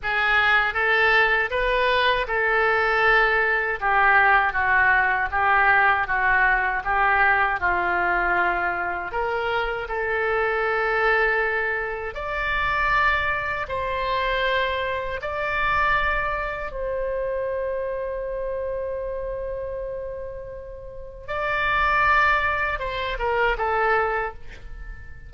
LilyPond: \new Staff \with { instrumentName = "oboe" } { \time 4/4 \tempo 4 = 79 gis'4 a'4 b'4 a'4~ | a'4 g'4 fis'4 g'4 | fis'4 g'4 f'2 | ais'4 a'2. |
d''2 c''2 | d''2 c''2~ | c''1 | d''2 c''8 ais'8 a'4 | }